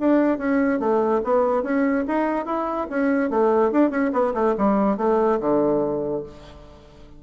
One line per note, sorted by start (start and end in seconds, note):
0.00 0.39 D4
0.39 0.80 C#4
0.80 1.22 A3
1.24 1.63 B3
1.63 2.05 C#4
2.08 2.46 D#4
2.46 2.88 E4
2.90 3.30 C#4
3.30 3.72 A3
3.72 3.91 D4
3.91 4.12 C#4
4.13 4.34 B3
4.35 4.55 A3
4.58 4.98 G3
4.98 5.39 A3
5.40 6.24 D3